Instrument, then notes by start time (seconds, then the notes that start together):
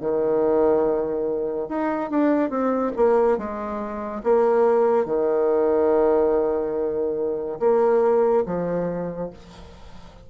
bassoon
0.00 D#3
1.69 D#4
2.10 D4
2.50 C4
2.96 A#3
3.38 G#3
4.23 A#3
5.06 D#3
7.59 A#3
8.45 F3